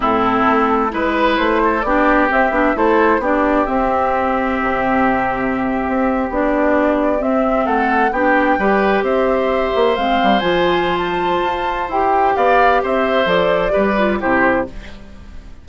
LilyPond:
<<
  \new Staff \with { instrumentName = "flute" } { \time 4/4 \tempo 4 = 131 a'2 b'4 c''4 | d''4 e''4 c''4 d''4 | e''1~ | e''4.~ e''16 d''2 e''16~ |
e''8. fis''4 g''2 e''16~ | e''4.~ e''16 f''4 gis''4~ gis''16 | a''2 g''4 f''4 | e''4 d''2 c''4 | }
  \new Staff \with { instrumentName = "oboe" } { \time 4/4 e'2 b'4. a'8 | g'2 a'4 g'4~ | g'1~ | g'1~ |
g'8. a'4 g'4 b'4 c''16~ | c''1~ | c''2. d''4 | c''2 b'4 g'4 | }
  \new Staff \with { instrumentName = "clarinet" } { \time 4/4 c'2 e'2 | d'4 c'8 d'8 e'4 d'4 | c'1~ | c'4.~ c'16 d'2 c'16~ |
c'4.~ c'16 d'4 g'4~ g'16~ | g'4.~ g'16 c'4 f'4~ f'16~ | f'2 g'2~ | g'4 a'4 g'8 f'8 e'4 | }
  \new Staff \with { instrumentName = "bassoon" } { \time 4/4 a,4 a4 gis4 a4 | b4 c'8 b8 a4 b4 | c'2 c2~ | c8. c'4 b2 c'16~ |
c'8. a4 b4 g4 c'16~ | c'4~ c'16 ais8 gis8 g8 f4~ f16~ | f4 f'4 e'4 b4 | c'4 f4 g4 c4 | }
>>